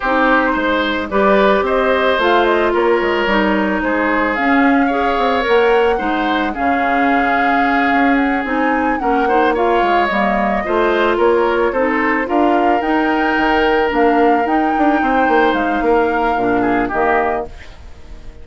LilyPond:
<<
  \new Staff \with { instrumentName = "flute" } { \time 4/4 \tempo 4 = 110 c''2 d''4 dis''4 | f''8 dis''8 cis''2 c''4 | f''2 fis''2 | f''2. fis''8 gis''8~ |
gis''8 fis''4 f''4 dis''4.~ | dis''8 cis''4 c''4 f''4 g''8~ | g''4. f''4 g''4.~ | g''8 f''2~ f''8 dis''4 | }
  \new Staff \with { instrumentName = "oboe" } { \time 4/4 g'4 c''4 b'4 c''4~ | c''4 ais'2 gis'4~ | gis'4 cis''2 c''4 | gis'1~ |
gis'8 ais'8 c''8 cis''2 c''8~ | c''8 ais'4 a'4 ais'4.~ | ais'2.~ ais'8 c''8~ | c''4 ais'4. gis'8 g'4 | }
  \new Staff \with { instrumentName = "clarinet" } { \time 4/4 dis'2 g'2 | f'2 dis'2 | cis'4 gis'4 ais'4 dis'4 | cis'2.~ cis'8 dis'8~ |
dis'8 cis'8 dis'8 f'4 ais4 f'8~ | f'4. dis'4 f'4 dis'8~ | dis'4. d'4 dis'4.~ | dis'2 d'4 ais4 | }
  \new Staff \with { instrumentName = "bassoon" } { \time 4/4 c'4 gis4 g4 c'4 | a4 ais8 gis8 g4 gis4 | cis'4. c'8 ais4 gis4 | cis2~ cis8 cis'4 c'8~ |
c'8 ais4. gis8 g4 a8~ | a8 ais4 c'4 d'4 dis'8~ | dis'8 dis4 ais4 dis'8 d'8 c'8 | ais8 gis8 ais4 ais,4 dis4 | }
>>